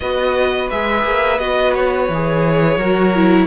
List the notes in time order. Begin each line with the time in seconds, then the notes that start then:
0.00 B3 F#4 B4 D#5
0.70 G#3 G#4 E5
1.04 A#3
1.38 B3 F#4 D#5
1.73 C#5
2.08 E3 G#4
2.77 F#3 F#4 A#4
3.15 E4